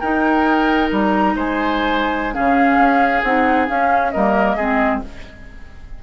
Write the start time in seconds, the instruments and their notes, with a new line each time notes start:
0.00 bassoon D#4, clarinet D#4, oboe A#4, flute G5
0.92 bassoon G3, flute A#5
1.35 bassoon G#3, oboe C5, flute G#5
2.33 bassoon C#3, clarinet C#4, oboe G#4, flute F5
2.78 bassoon C#4
3.24 bassoon C4, clarinet D#4, flute F#5
3.67 clarinet C#4, bassoon C#4, flute F5
4.11 bassoon G3, clarinet A#3, oboe A#4, flute D#5
4.57 bassoon G#3, clarinet C4, oboe G#4